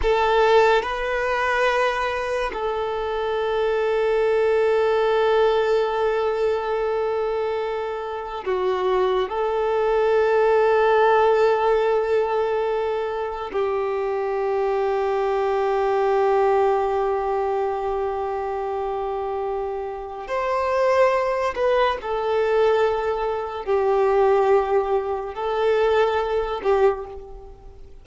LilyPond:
\new Staff \with { instrumentName = "violin" } { \time 4/4 \tempo 4 = 71 a'4 b'2 a'4~ | a'1~ | a'2 fis'4 a'4~ | a'1 |
g'1~ | g'1 | c''4. b'8 a'2 | g'2 a'4. g'8 | }